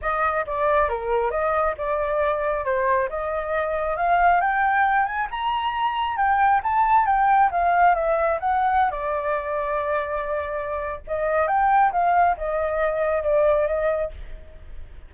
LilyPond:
\new Staff \with { instrumentName = "flute" } { \time 4/4 \tempo 4 = 136 dis''4 d''4 ais'4 dis''4 | d''2 c''4 dis''4~ | dis''4 f''4 g''4. gis''8 | ais''2 g''4 a''4 |
g''4 f''4 e''4 fis''4~ | fis''16 d''2.~ d''8.~ | d''4 dis''4 g''4 f''4 | dis''2 d''4 dis''4 | }